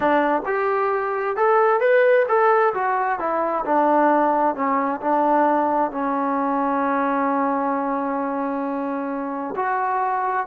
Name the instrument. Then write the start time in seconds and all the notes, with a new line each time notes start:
trombone
0.00 D4
0.45 G4
1.36 A4
1.80 B4
2.28 A4
2.74 F#4
3.19 E4
3.65 D4
4.55 C#4
5.00 D4
5.91 C#4
9.56 F#4